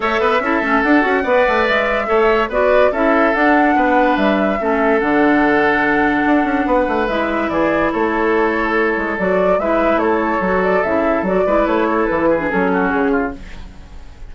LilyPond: <<
  \new Staff \with { instrumentName = "flute" } { \time 4/4 \tempo 4 = 144 e''2 fis''2 | e''2 d''4 e''4 | fis''2 e''2 | fis''1~ |
fis''4 e''4 d''4 cis''4~ | cis''2 d''4 e''4 | cis''4. d''8 e''4 d''4 | cis''4 b'4 a'4 gis'4 | }
  \new Staff \with { instrumentName = "oboe" } { \time 4/4 cis''8 b'8 a'2 d''4~ | d''4 cis''4 b'4 a'4~ | a'4 b'2 a'4~ | a'1 |
b'2 gis'4 a'4~ | a'2. b'4 | a'2.~ a'8 b'8~ | b'8 a'4 gis'4 fis'4 f'8 | }
  \new Staff \with { instrumentName = "clarinet" } { \time 4/4 a'4 e'8 cis'8 d'8 fis'8 b'4~ | b'4 a'4 fis'4 e'4 | d'2. cis'4 | d'1~ |
d'4 e'2.~ | e'2 fis'4 e'4~ | e'4 fis'4 e'4 fis'8 e'8~ | e'4.~ e'16 d'16 cis'2 | }
  \new Staff \with { instrumentName = "bassoon" } { \time 4/4 a8 b8 cis'8 a8 d'8 cis'8 b8 a8 | gis4 a4 b4 cis'4 | d'4 b4 g4 a4 | d2. d'8 cis'8 |
b8 a8 gis4 e4 a4~ | a4. gis8 fis4 gis4 | a4 fis4 cis4 fis8 gis8 | a4 e4 fis4 cis4 | }
>>